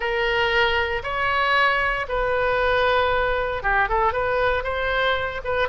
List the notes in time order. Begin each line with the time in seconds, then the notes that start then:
0.00 A#4
1.03 C#5
2.08 B4
3.63 G4
3.88 A4
4.12 B4
4.63 C5
5.44 B4